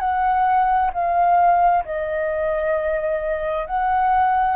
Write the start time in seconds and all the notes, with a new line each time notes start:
0.00 F#5
0.93 F5
1.85 D#5
3.67 F#5